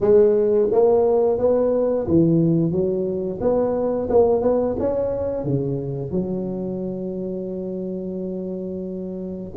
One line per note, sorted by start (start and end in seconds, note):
0.00 0.68 G#3
0.71 1.38 A#3
1.38 2.06 B3
2.07 2.71 E3
2.71 3.39 F#3
3.40 4.08 B3
4.09 4.41 A#3
4.41 4.75 B3
4.79 5.44 C#4
5.44 6.11 C#3
6.11 9.52 F#3